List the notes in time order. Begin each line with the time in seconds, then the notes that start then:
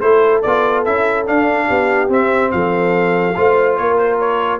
0.00 A3 E4 A4 C5
0.42 B3 F4 D5
0.84 C#4 E4 E5
1.26 D4 F5
1.67 B3 G4
2.08 C4 E5
2.51 F3 A4 F5
3.35 A3 F4 C5
3.76 A#3 A#4 C#5
3.97 C5
4.20 C#5